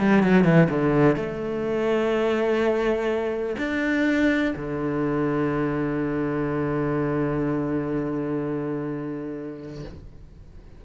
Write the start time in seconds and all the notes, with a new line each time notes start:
0.00 G3
0.23 F#3
0.44 E3
0.70 D3
1.16 A3
3.58 D4
4.57 D3